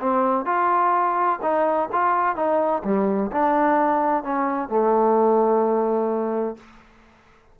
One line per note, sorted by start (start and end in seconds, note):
0.00 0.45 C4
0.45 1.39 F4
1.42 1.89 D#4
1.92 2.35 F4
2.35 2.82 D#4
2.84 3.31 G3
3.32 4.23 D4
4.23 4.69 C#4
4.69 6.56 A3